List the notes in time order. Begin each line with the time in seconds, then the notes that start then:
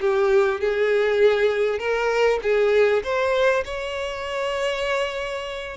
0.00 G4
0.60 G#4
1.79 A#4
2.42 G#4
3.03 C5
3.64 C#5